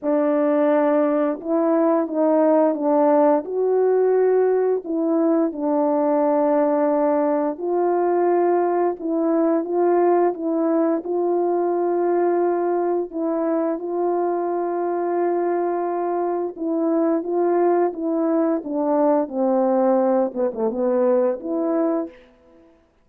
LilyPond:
\new Staff \with { instrumentName = "horn" } { \time 4/4 \tempo 4 = 87 d'2 e'4 dis'4 | d'4 fis'2 e'4 | d'2. f'4~ | f'4 e'4 f'4 e'4 |
f'2. e'4 | f'1 | e'4 f'4 e'4 d'4 | c'4. b16 a16 b4 e'4 | }